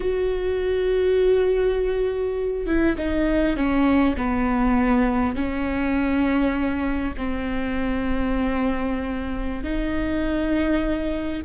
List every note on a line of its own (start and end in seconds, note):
0.00 2.66 F#4
2.66 2.95 E4
2.97 3.56 D#4
3.56 4.15 C#4
4.16 5.35 B3
5.35 7.13 C#4
7.17 9.63 C4
9.63 11.42 D#4